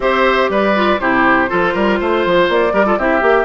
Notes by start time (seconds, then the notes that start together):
0.00 C4 G4 C5 E5
0.49 G3 B4 D5
0.74 F4
0.99 C3 E4 G4 C5
1.48 F3 F4 A4
1.73 G3 A#4
2.00 A3 C5
2.25 F3
2.48 A#3 D5
2.72 G3 G4 A#4
2.85 F4 A4
2.98 C4 E4 G4 E5
3.21 A#3 G4